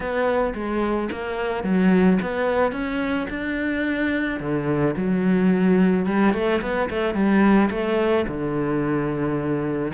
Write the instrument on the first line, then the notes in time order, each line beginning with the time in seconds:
cello
0.00 B3
0.54 G#3
1.11 A#3
1.63 F#3
2.22 B3
2.72 C#4
3.29 D4
4.40 D3
4.96 F#3
6.06 G3
6.33 A3
6.61 B3
6.89 A3
7.14 G3
7.70 A3
8.27 D3